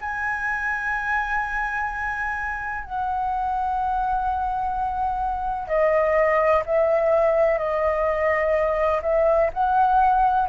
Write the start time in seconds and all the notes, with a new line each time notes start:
0.00 G#5
2.84 F#5
5.68 D#5
6.65 E5
7.58 D#5
9.02 E5
9.53 F#5